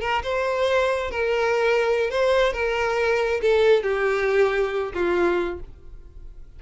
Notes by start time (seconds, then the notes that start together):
0.00 A#4
0.23 C5
1.11 A#4
2.10 C5
2.52 A#4
3.41 A4
3.82 G4
4.93 F4